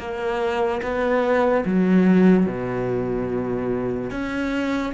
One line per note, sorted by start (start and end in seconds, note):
0.00 0.82 A#3
0.83 1.65 B3
1.66 2.47 F#3
2.47 4.11 B2
4.11 4.93 C#4